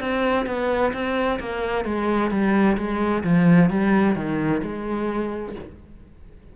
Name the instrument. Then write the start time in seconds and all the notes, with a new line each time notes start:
cello
0.00 C4
0.46 B3
0.93 C4
1.40 A#3
1.85 G#3
2.31 G3
2.77 G#3
3.23 F3
3.70 G3
4.16 D#3
4.63 G#3